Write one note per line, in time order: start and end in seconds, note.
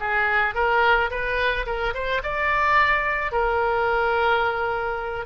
0.00 0.55 G#4
0.55 1.10 A#4
1.10 1.66 B4
1.66 1.94 A#4
1.94 2.22 C5
2.23 3.32 D5
3.32 5.26 A#4